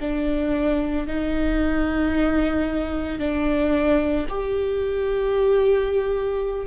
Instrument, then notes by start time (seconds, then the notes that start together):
viola
0.00 D4
1.07 D#4
3.19 D4
4.29 G4